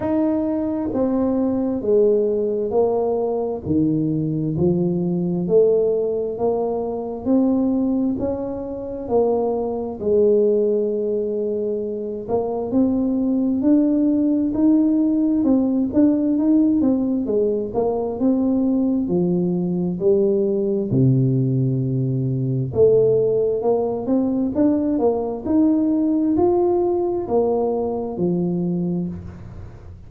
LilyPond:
\new Staff \with { instrumentName = "tuba" } { \time 4/4 \tempo 4 = 66 dis'4 c'4 gis4 ais4 | dis4 f4 a4 ais4 | c'4 cis'4 ais4 gis4~ | gis4. ais8 c'4 d'4 |
dis'4 c'8 d'8 dis'8 c'8 gis8 ais8 | c'4 f4 g4 c4~ | c4 a4 ais8 c'8 d'8 ais8 | dis'4 f'4 ais4 f4 | }